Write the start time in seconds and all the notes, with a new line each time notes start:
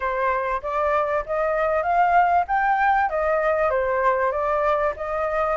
0.00 C5
0.62 D5
1.26 D#5
1.82 F5
2.47 G5
3.09 D#5
3.70 C5
4.31 D5
4.96 D#5